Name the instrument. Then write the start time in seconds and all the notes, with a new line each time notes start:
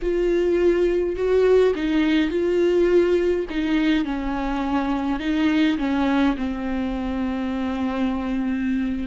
viola
0.02 F4
1.16 F#4
1.75 D#4
2.30 F4
3.49 D#4
4.04 C#4
5.19 D#4
5.78 C#4
6.36 C4